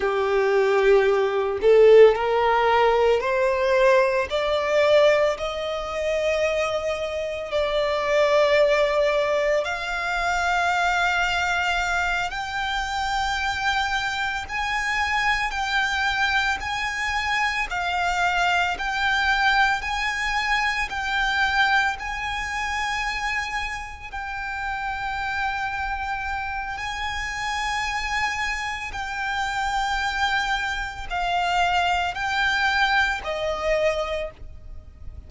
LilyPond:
\new Staff \with { instrumentName = "violin" } { \time 4/4 \tempo 4 = 56 g'4. a'8 ais'4 c''4 | d''4 dis''2 d''4~ | d''4 f''2~ f''8 g''8~ | g''4. gis''4 g''4 gis''8~ |
gis''8 f''4 g''4 gis''4 g''8~ | g''8 gis''2 g''4.~ | g''4 gis''2 g''4~ | g''4 f''4 g''4 dis''4 | }